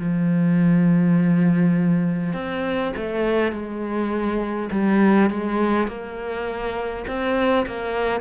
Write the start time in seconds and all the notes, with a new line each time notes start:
0.00 F3
2.34 C4
2.97 A3
3.52 G#3
4.72 G3
5.30 G#3
5.88 A#3
7.07 C4
7.67 A#3